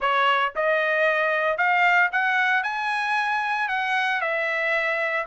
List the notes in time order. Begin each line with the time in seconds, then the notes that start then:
0.00 C#5
0.55 D#5
1.57 F5
2.12 F#5
2.63 G#5
3.68 F#5
4.21 E5